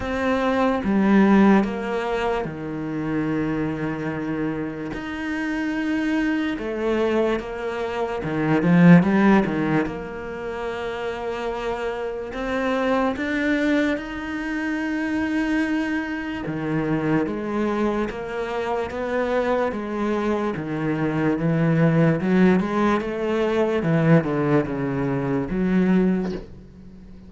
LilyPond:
\new Staff \with { instrumentName = "cello" } { \time 4/4 \tempo 4 = 73 c'4 g4 ais4 dis4~ | dis2 dis'2 | a4 ais4 dis8 f8 g8 dis8 | ais2. c'4 |
d'4 dis'2. | dis4 gis4 ais4 b4 | gis4 dis4 e4 fis8 gis8 | a4 e8 d8 cis4 fis4 | }